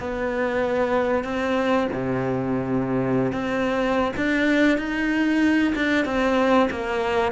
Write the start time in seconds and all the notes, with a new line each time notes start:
0.00 B3
1.24 C4
1.93 C3
3.33 C4
4.17 D4
4.78 D#4
5.76 D4
6.06 C4
6.71 A#3